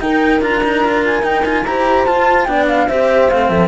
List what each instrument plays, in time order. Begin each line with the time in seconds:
0.00 cello D#4, horn A#4, flute G5
0.40 cello D4 F4, flute A#5
0.63 cello D#4
0.84 cello F4
1.05 flute G#5
1.22 cello D#4, flute G5
1.43 cello F4, flute G#5
1.64 cello E4 G4, horn C5, flute A#5
2.05 cello F4, flute A5
2.44 cello B3 D4, horn D5, flute G5
2.68 flute F5
2.88 cello C4 G4, horn C5, flute E5
3.30 cello A3 C4, flute F5
3.49 cello F3, horn A4, flute E5